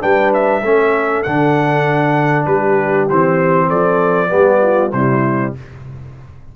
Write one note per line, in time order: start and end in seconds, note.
0.00 0.62 G3
0.00 0.61 D4
0.00 0.62 B4
0.00 0.32 G5
0.33 1.23 E5
0.62 1.23 A3
0.62 1.25 C#4
0.62 2.47 A4
1.23 2.46 D3
1.23 3.10 D4
1.23 2.45 F#5
2.46 3.07 G3
2.46 3.67 G4
2.46 3.07 B4
3.09 3.71 E3
3.09 4.28 C4
3.09 3.69 C5
3.67 4.32 F3
3.67 4.29 A4
3.67 4.92 D5
4.28 4.92 G3
4.28 4.90 B3
4.28 4.60 G4
4.62 4.92 F4
4.92 5.54 C3
4.92 5.55 G3
4.92 5.54 E4
4.92 5.53 C5